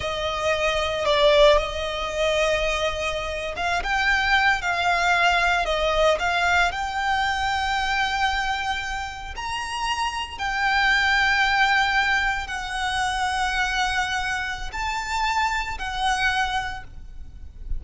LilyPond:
\new Staff \with { instrumentName = "violin" } { \time 4/4 \tempo 4 = 114 dis''2 d''4 dis''4~ | dis''2~ dis''8. f''8 g''8.~ | g''8. f''2 dis''4 f''16~ | f''8. g''2.~ g''16~ |
g''4.~ g''16 ais''2 g''16~ | g''2.~ g''8. fis''16~ | fis''1 | a''2 fis''2 | }